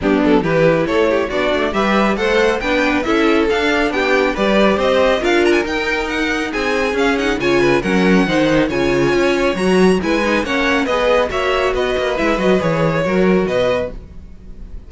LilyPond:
<<
  \new Staff \with { instrumentName = "violin" } { \time 4/4 \tempo 4 = 138 g'8 a'8 b'4 cis''4 d''4 | e''4 fis''4 g''4 e''4 | f''4 g''4 d''4 dis''4 | f''8 ais''16 gis''16 g''4 fis''4 gis''4 |
f''8 fis''8 gis''4 fis''2 | gis''2 ais''4 gis''4 | fis''4 dis''4 e''4 dis''4 | e''8 dis''8 cis''2 dis''4 | }
  \new Staff \with { instrumentName = "violin" } { \time 4/4 d'4 g'4 a'8 g'8 fis'4 | b'4 c''4 b'4 a'4~ | a'4 g'4 b'4 c''4 | ais'2. gis'4~ |
gis'4 cis''8 b'8 ais'4 c''4 | cis''2. b'4 | cis''4 b'4 cis''4 b'4~ | b'2 ais'4 b'4 | }
  \new Staff \with { instrumentName = "viola" } { \time 4/4 b4 e'2 d'4 | g'4 a'4 d'4 e'4 | d'2 g'2 | f'4 dis'2. |
cis'8 dis'8 f'4 cis'4 dis'4 | f'2 fis'4 e'8 dis'8 | cis'4 gis'4 fis'2 | e'8 fis'8 gis'4 fis'2 | }
  \new Staff \with { instrumentName = "cello" } { \time 4/4 g8 fis8 e4 a4 b8 a8 | g4 a4 b4 cis'4 | d'4 b4 g4 c'4 | d'4 dis'2 c'4 |
cis'4 cis4 fis4 dis4 | cis4 cis'4 fis4 gis4 | ais4 b4 ais4 b8 ais8 | gis8 fis8 e4 fis4 b,4 | }
>>